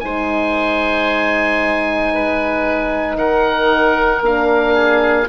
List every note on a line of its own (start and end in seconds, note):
0.00 3.17 G#3
0.00 4.22 D#4
0.00 2.14 C5
0.00 3.16 G#5
2.14 3.18 B4
3.17 4.21 D#3
3.17 4.75 A#4
3.17 4.23 F#5
4.21 5.27 A#3
4.21 5.28 D4
4.21 5.29 F5
4.75 5.27 G#4